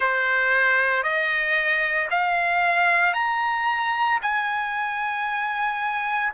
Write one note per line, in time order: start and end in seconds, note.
0.00 1.03 C5
1.03 2.08 D#5
2.10 3.13 F5
3.13 4.19 A#5
4.22 6.32 G#5